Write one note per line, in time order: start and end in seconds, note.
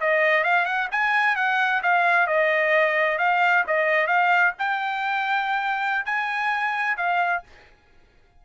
0.00 0.44 D#5
0.44 0.65 F5
0.65 0.88 F#5
0.91 1.36 G#5
1.36 1.82 F#5
1.83 2.27 F5
2.27 3.18 D#5
3.18 3.64 F5
3.67 4.07 D#5
4.07 4.53 F5
4.58 6.05 G5
6.05 6.97 G#5
6.97 7.43 F5